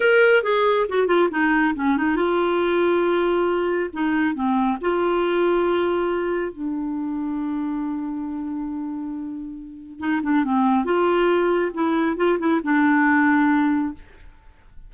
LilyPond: \new Staff \with { instrumentName = "clarinet" } { \time 4/4 \tempo 4 = 138 ais'4 gis'4 fis'8 f'8 dis'4 | cis'8 dis'8 f'2.~ | f'4 dis'4 c'4 f'4~ | f'2. d'4~ |
d'1~ | d'2. dis'8 d'8 | c'4 f'2 e'4 | f'8 e'8 d'2. | }